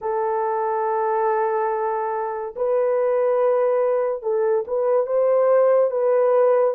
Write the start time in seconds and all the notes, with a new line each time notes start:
0.01 A4
2.56 B4
4.22 A4
4.67 B4
5.06 C5
5.90 B4